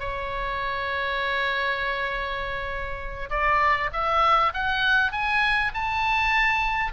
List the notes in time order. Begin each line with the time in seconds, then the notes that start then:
0.00 C#5
3.30 D5
3.93 E5
4.54 F#5
5.12 G#5
5.74 A5